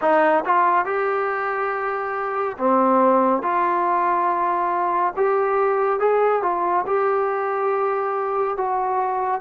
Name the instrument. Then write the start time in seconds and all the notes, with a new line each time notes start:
trombone
0.01 D#4
0.45 F4
0.85 G4
2.58 C4
3.42 F4
5.16 G4
5.99 G#4
6.42 F4
6.86 G4
8.57 F#4